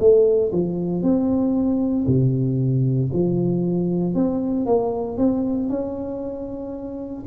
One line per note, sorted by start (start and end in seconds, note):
0.00 0.52 A3
0.53 1.03 F3
1.03 2.06 C4
2.07 3.11 C3
3.13 4.15 F3
4.15 4.66 C4
4.66 5.18 A#3
5.18 5.70 C4
5.70 7.25 C#4